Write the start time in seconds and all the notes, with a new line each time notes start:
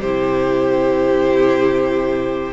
0.00 C3 E4 G4 C5